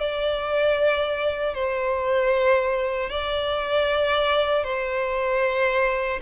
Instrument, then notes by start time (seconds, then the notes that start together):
violin
0.00 D5
1.55 C5
3.10 D5
4.64 C5